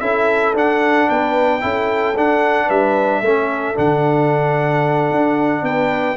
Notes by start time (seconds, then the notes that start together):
0.00 C#4 E4 A4 E5
0.54 D4 F#5
1.08 B3 B4 G5
1.60 C#4 E4 A4
2.16 D4 F#5
2.66 G3 B4 E5
3.21 A3 C#4 A4
3.75 D3 D4 F#5
5.11 D4
5.62 B3 B4 G5